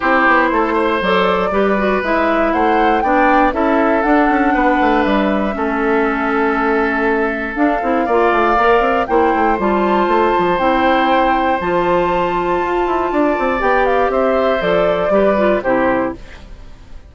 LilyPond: <<
  \new Staff \with { instrumentName = "flute" } { \time 4/4 \tempo 4 = 119 c''2 d''2 | e''4 fis''4 g''4 e''4 | fis''2 e''2~ | e''2. f''4~ |
f''2 g''4 a''4~ | a''4 g''2 a''4~ | a''2. g''8 f''8 | e''4 d''2 c''4 | }
  \new Staff \with { instrumentName = "oboe" } { \time 4/4 g'4 a'8 c''4. b'4~ | b'4 c''4 d''4 a'4~ | a'4 b'2 a'4~ | a'1 |
d''2 c''2~ | c''1~ | c''2 d''2 | c''2 b'4 g'4 | }
  \new Staff \with { instrumentName = "clarinet" } { \time 4/4 e'2 a'4 g'8 fis'8 | e'2 d'4 e'4 | d'2. cis'4~ | cis'2. d'8 e'8 |
f'4 ais'4 e'4 f'4~ | f'4 e'2 f'4~ | f'2. g'4~ | g'4 a'4 g'8 f'8 e'4 | }
  \new Staff \with { instrumentName = "bassoon" } { \time 4/4 c'8 b8 a4 fis4 g4 | gis4 a4 b4 cis'4 | d'8 cis'8 b8 a8 g4 a4~ | a2. d'8 c'8 |
ais8 a8 ais8 c'8 ais8 a8 g4 | a8 f8 c'2 f4~ | f4 f'8 e'8 d'8 c'8 b4 | c'4 f4 g4 c4 | }
>>